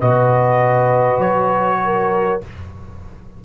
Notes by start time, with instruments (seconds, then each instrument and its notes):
0.00 tuba B2, trombone F#4, horn B4, trumpet D#5
1.19 tuba F#3, trumpet C#5
1.85 horn A#4